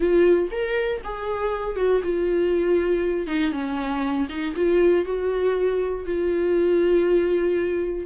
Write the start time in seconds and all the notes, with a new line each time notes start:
0.00 F4
0.51 A#4
1.03 G#4
1.76 F#4
2.03 F4
3.26 D#4
3.52 C#4
4.29 D#4
4.56 F4
5.05 F#4
6.05 F4